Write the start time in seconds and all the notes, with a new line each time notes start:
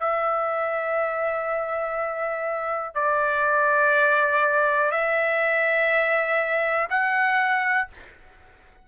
0.00 E5
2.95 D5
4.92 E5
6.90 F#5